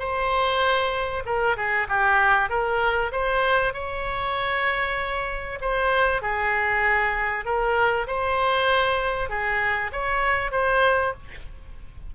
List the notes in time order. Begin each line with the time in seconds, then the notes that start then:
0.00 C5
1.25 A#4
1.57 G#4
1.89 G4
2.50 A#4
3.12 C5
3.74 C#5
5.61 C5
6.22 G#4
7.45 A#4
8.07 C5
9.30 G#4
9.93 C#5
10.52 C5